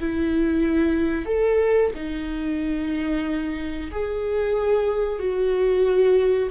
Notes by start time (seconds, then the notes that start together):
0.00 E4
1.26 A4
1.95 D#4
3.91 G#4
5.19 F#4